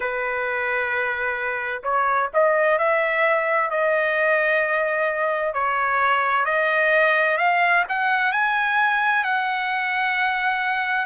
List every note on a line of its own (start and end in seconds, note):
0.00 1.82 B4
1.83 2.29 C#5
2.33 2.78 D#5
2.78 3.70 E5
3.70 5.53 D#5
5.53 6.45 C#5
6.45 7.37 D#5
7.37 7.83 F5
7.88 8.32 F#5
8.32 9.23 G#5
9.23 11.05 F#5